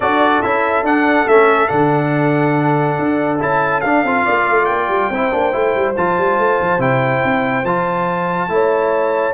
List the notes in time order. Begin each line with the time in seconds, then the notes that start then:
0.00 D4 F#4 A4 D5
0.41 C#4 E4 E5
0.83 D4 F#5
1.27 A3 C#4 E5
1.68 D3 D4 F#5
2.98 D4
3.39 C#4 E4 A5
3.80 D4 F5
4.03 C4 F4
4.25 A#3 D5
4.48 A3
4.65 A#3 G5
4.88 G3
5.09 C4 E4 C5
5.31 A#3 D4
5.52 A3 E4
5.75 G3
5.96 F3 F4 A5
6.17 G3
6.38 A3
6.60 F3
6.78 C3 E4 G5
7.24 C4
7.63 F3 F4 A5
8.48 A3 E4 C#5